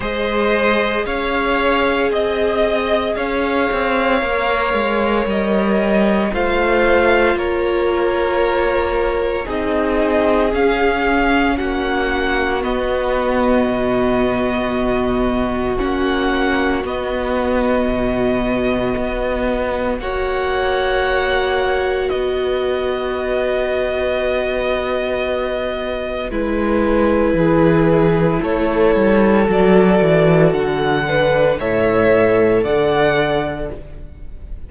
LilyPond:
<<
  \new Staff \with { instrumentName = "violin" } { \time 4/4 \tempo 4 = 57 dis''4 f''4 dis''4 f''4~ | f''4 dis''4 f''4 cis''4~ | cis''4 dis''4 f''4 fis''4 | dis''2. fis''4 |
dis''2. fis''4~ | fis''4 dis''2.~ | dis''4 b'2 cis''4 | d''4 fis''4 e''4 fis''4 | }
  \new Staff \with { instrumentName = "violin" } { \time 4/4 c''4 cis''4 dis''4 cis''4~ | cis''2 c''4 ais'4~ | ais'4 gis'2 fis'4~ | fis'1~ |
fis'2. cis''4~ | cis''4 b'2.~ | b'2 gis'4 a'4~ | a'4. b'8 cis''4 d''4 | }
  \new Staff \with { instrumentName = "viola" } { \time 4/4 gis'1 | ais'2 f'2~ | f'4 dis'4 cis'2 | b2. cis'4 |
b2. fis'4~ | fis'1~ | fis'4 e'2. | fis'4. d'8 a'2 | }
  \new Staff \with { instrumentName = "cello" } { \time 4/4 gis4 cis'4 c'4 cis'8 c'8 | ais8 gis8 g4 a4 ais4~ | ais4 c'4 cis'4 ais4 | b4 b,2 ais4 |
b4 b,4 b4 ais4~ | ais4 b2.~ | b4 gis4 e4 a8 g8 | fis8 e8 d4 a,4 d4 | }
>>